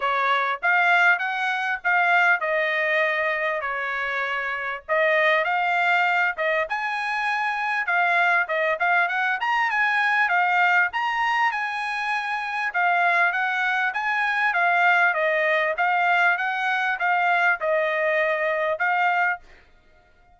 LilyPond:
\new Staff \with { instrumentName = "trumpet" } { \time 4/4 \tempo 4 = 99 cis''4 f''4 fis''4 f''4 | dis''2 cis''2 | dis''4 f''4. dis''8 gis''4~ | gis''4 f''4 dis''8 f''8 fis''8 ais''8 |
gis''4 f''4 ais''4 gis''4~ | gis''4 f''4 fis''4 gis''4 | f''4 dis''4 f''4 fis''4 | f''4 dis''2 f''4 | }